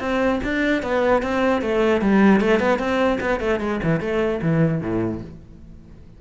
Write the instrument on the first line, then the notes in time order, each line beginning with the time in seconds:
cello
0.00 C4
0.43 D4
0.82 B3
1.22 C4
1.61 A3
2.01 G3
2.41 A3
2.59 B3
2.79 C4
3.20 B3
3.40 A3
3.60 G#3
3.83 E3
4.00 A3
4.42 E3
4.81 A2